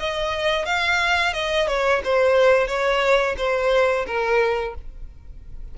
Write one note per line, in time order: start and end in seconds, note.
0.00 0.66 D#5
0.66 1.34 F5
1.34 1.68 D#5
1.68 2.02 C#5
2.05 2.68 C5
2.68 3.36 C#5
3.38 4.06 C5
4.07 4.75 A#4